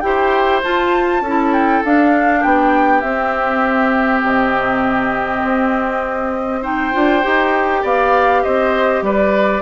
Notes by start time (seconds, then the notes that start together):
0.00 E4 G4 C5 G5
0.63 F4 A5
1.21 C#4 A4
1.27 E4
1.53 G5
1.84 D4 F5
2.40 B3 G4 G5
3.00 C4 E5
4.22 C3 D#5
5.44 C4
6.62 D#4 C5 G5
6.92 D4 F4
7.23 D#4 G4
7.82 B3 D5 F5
8.43 C4 C5 D#5
9.01 G3 B4 D5